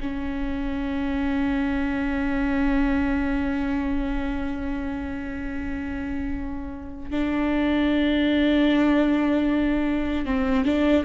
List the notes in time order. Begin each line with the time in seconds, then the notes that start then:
0.00 C#4
7.10 D4
10.25 C4
10.65 D4